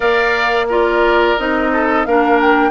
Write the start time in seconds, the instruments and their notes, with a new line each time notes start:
0.00 bassoon A#3, clarinet A#4, oboe D5, flute F5
0.68 clarinet F4, oboe A#4, flute D5
1.38 bassoon C4, clarinet D#4, flute D#5
1.72 oboe A4
2.05 bassoon A#3, clarinet D4, oboe A#4, flute F5
2.40 flute G5